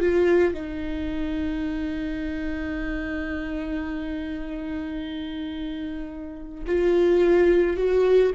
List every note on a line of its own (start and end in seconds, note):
0.00 0.53 F4
0.53 6.64 D#4
6.66 7.77 F4
7.77 8.32 F#4